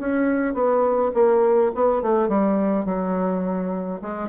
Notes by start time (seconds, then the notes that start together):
0.00 C#4
0.54 B3
1.14 A#3
1.75 B3
2.02 A3
2.29 G3
2.86 F#3
4.02 G#3